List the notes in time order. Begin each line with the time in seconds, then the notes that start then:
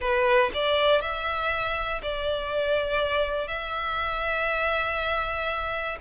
0.00 B4
0.54 D5
1.01 E5
2.02 D5
3.47 E5